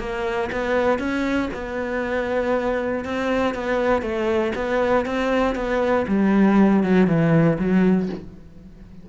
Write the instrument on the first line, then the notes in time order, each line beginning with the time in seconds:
cello
0.00 A#3
0.52 B3
0.99 C#4
1.54 B3
3.05 C4
3.55 B3
4.02 A3
4.55 B3
5.06 C4
5.56 B3
6.08 G3
6.83 F#3
7.07 E3
7.59 F#3